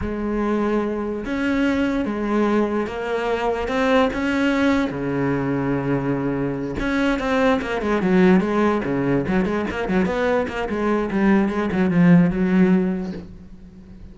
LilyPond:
\new Staff \with { instrumentName = "cello" } { \time 4/4 \tempo 4 = 146 gis2. cis'4~ | cis'4 gis2 ais4~ | ais4 c'4 cis'2 | cis1~ |
cis8 cis'4 c'4 ais8 gis8 fis8~ | fis8 gis4 cis4 fis8 gis8 ais8 | fis8 b4 ais8 gis4 g4 | gis8 fis8 f4 fis2 | }